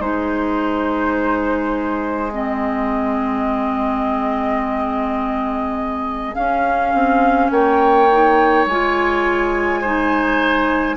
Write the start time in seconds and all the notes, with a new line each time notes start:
0.00 G#3 D#4 G#4 C5
2.32 C4 D#5
6.35 C#4 F5
6.94 C4
7.51 A#3 C#5 G5
8.12 D#4
8.67 G#3 F4 G#5
9.81 D#4 C5